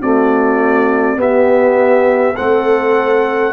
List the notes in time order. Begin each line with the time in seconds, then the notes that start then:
0.00 A3 C4 F#4 D5
1.17 B3 G4 E5
2.37 A3 C4 A4 F#5